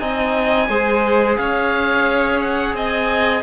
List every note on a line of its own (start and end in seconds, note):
0.00 0.69 C4
0.00 0.69 D#4
0.00 0.69 D#5
0.00 1.37 G#5
0.69 1.38 G#3
0.69 3.43 G#4
0.69 1.38 C5
1.37 2.74 C#4
1.37 2.76 C#5
1.37 2.41 F5
2.41 2.75 F#5
2.74 3.43 C4
2.74 3.43 D#5
2.74 3.43 G#5